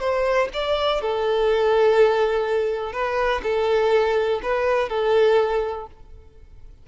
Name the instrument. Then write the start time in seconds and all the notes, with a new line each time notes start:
violin
0.00 C5
0.53 D5
1.01 A4
2.93 B4
3.43 A4
4.43 B4
4.89 A4